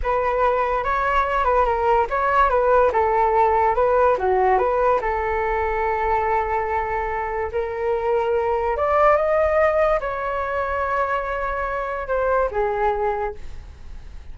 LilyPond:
\new Staff \with { instrumentName = "flute" } { \time 4/4 \tempo 4 = 144 b'2 cis''4. b'8 | ais'4 cis''4 b'4 a'4~ | a'4 b'4 fis'4 b'4 | a'1~ |
a'2 ais'2~ | ais'4 d''4 dis''2 | cis''1~ | cis''4 c''4 gis'2 | }